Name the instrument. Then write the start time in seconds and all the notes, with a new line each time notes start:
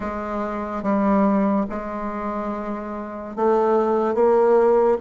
bassoon
0.00 G#3
0.82 G3
1.69 G#3
3.36 A3
4.14 A#3